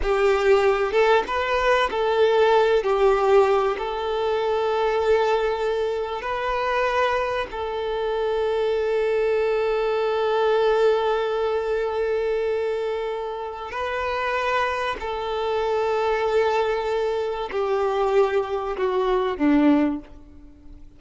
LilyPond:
\new Staff \with { instrumentName = "violin" } { \time 4/4 \tempo 4 = 96 g'4. a'8 b'4 a'4~ | a'8 g'4. a'2~ | a'2 b'2 | a'1~ |
a'1~ | a'2 b'2 | a'1 | g'2 fis'4 d'4 | }